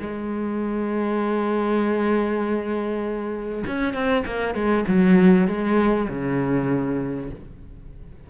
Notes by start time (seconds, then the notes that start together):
0.00 G#3
3.67 C#4
3.94 C4
4.26 A#3
4.55 G#3
4.88 F#3
5.47 G#3
6.09 C#3